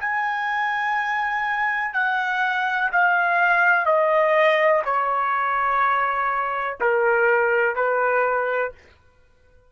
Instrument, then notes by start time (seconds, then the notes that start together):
trumpet
0.00 G#5
1.94 F#5
2.92 F5
3.85 D#5
4.84 C#5
6.80 A#4
7.75 B4